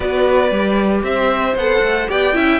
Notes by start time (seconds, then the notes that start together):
0.00 B3 F#4 B4 D5
0.51 G3 G4
1.03 C4 C5 E5
1.55 B3 A4 F#5
1.81 A3
2.08 B3 G4 D5 G5
2.33 C#4 E4 E5